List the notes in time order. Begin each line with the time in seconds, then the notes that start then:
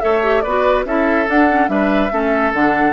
0.00 A3 A4 C#5 E5
0.23 G4
0.41 B3 F#4 B4 D5
0.85 C#4 E4 A4 E5
1.26 D4 F#5
1.50 C#4
1.68 G3 D4 B4 E5
2.12 A3 C#4 A4
2.53 D3 D4 F#5